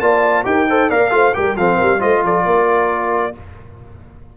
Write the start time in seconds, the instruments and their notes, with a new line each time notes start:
0.00 tuba A#3, trombone F4, horn D5, trumpet A5
0.44 tuba D#4, trombone G4, horn A#4, trumpet G5
0.69 trombone A4, horn C5
0.89 tuba A#3, trombone A#4, horn D5, trumpet F5
1.11 tuba A3, trombone F4, horn C5
1.34 tuba G3, trombone G4, horn A#4, trumpet G5
1.56 tuba F3, trombone C4, horn A4, trumpet F5
1.77 tuba G3, horn A#4
1.99 tuba A3, trombone F4, horn C5, trumpet D#5
2.23 tuba F3, horn A4, trumpet D5
2.45 tuba A#3, horn A#4